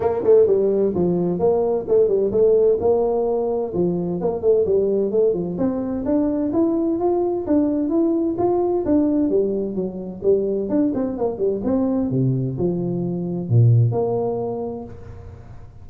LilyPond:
\new Staff \with { instrumentName = "tuba" } { \time 4/4 \tempo 4 = 129 ais8 a8 g4 f4 ais4 | a8 g8 a4 ais2 | f4 ais8 a8 g4 a8 f8 | c'4 d'4 e'4 f'4 |
d'4 e'4 f'4 d'4 | g4 fis4 g4 d'8 c'8 | ais8 g8 c'4 c4 f4~ | f4 ais,4 ais2 | }